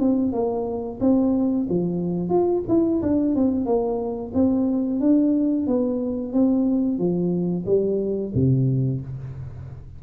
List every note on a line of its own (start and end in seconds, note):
0.00 0.33 C4
0.33 0.99 A#3
1.01 1.67 C4
1.69 2.29 F3
2.29 2.63 F4
2.68 3.02 E4
3.02 3.35 D4
3.35 3.66 C4
3.66 4.32 A#3
4.34 5.00 C4
5.00 5.67 D4
5.67 6.33 B3
6.33 6.99 C4
6.99 7.65 F3
7.66 8.32 G3
8.35 9.01 C3